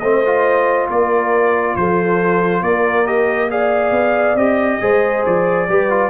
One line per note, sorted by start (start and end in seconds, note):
0.00 0.89 A3
0.00 0.26 C4
0.00 0.89 C5
0.00 0.87 D#5
0.26 3.06 F4
0.89 1.76 A#3
0.89 1.77 A#4
0.89 1.76 D5
1.76 2.62 F3
1.76 2.63 A4
1.76 2.63 C5
2.62 3.92 A#3
2.62 3.50 A#4
2.62 3.07 D5
3.06 3.49 G4
3.06 3.50 D#5
3.50 4.37 G#4
3.50 4.82 D5
3.50 4.37 F5
3.92 4.35 B3
4.35 4.79 C4
4.35 4.81 G4
4.35 5.24 D#5
4.81 5.26 G#3
4.81 5.68 G#4
4.81 5.69 C5
5.26 5.69 F3
5.26 6.10 D5
5.69 6.10 G3
5.69 5.90 G4
5.69 6.10 B4
5.90 6.10 F4